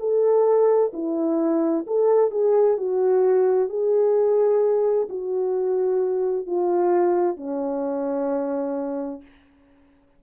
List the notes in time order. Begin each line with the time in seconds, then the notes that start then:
0.00 A4
0.94 E4
1.87 A4
2.31 G#4
2.78 F#4
3.70 G#4
5.09 F#4
6.47 F4
7.37 C#4